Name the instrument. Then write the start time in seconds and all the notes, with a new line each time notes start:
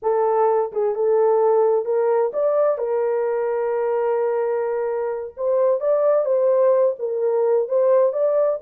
horn
0.02 A4
0.72 G#4
0.95 A4
1.85 A#4
2.33 D5
2.78 A#4
5.36 C5
5.80 D5
6.25 C5
6.99 A#4
7.68 C5
8.12 D5